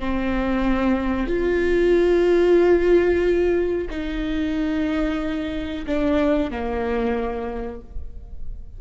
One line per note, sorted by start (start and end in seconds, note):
0.00 1.27 C4
1.27 3.88 F4
3.90 5.86 D#4
5.87 6.51 D4
6.51 7.81 A#3